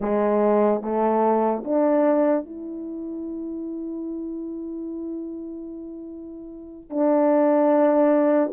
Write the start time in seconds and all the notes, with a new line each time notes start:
0.00 G#3
0.81 A3
1.64 D4
2.45 E4
6.90 D4